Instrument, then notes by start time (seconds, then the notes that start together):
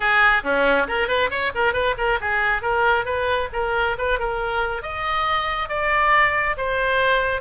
oboe
0.00 G#4
0.43 C#4
0.87 A#4
1.08 B4
1.30 C#5
1.54 A#4
1.73 B4
1.97 A#4
2.21 G#4
2.62 A#4
3.05 B4
3.53 A#4
3.98 B4
4.19 A#4
4.82 D#5
5.68 D5
6.57 C5